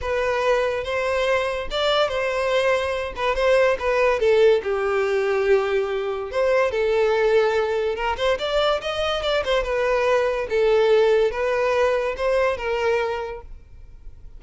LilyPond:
\new Staff \with { instrumentName = "violin" } { \time 4/4 \tempo 4 = 143 b'2 c''2 | d''4 c''2~ c''8 b'8 | c''4 b'4 a'4 g'4~ | g'2. c''4 |
a'2. ais'8 c''8 | d''4 dis''4 d''8 c''8 b'4~ | b'4 a'2 b'4~ | b'4 c''4 ais'2 | }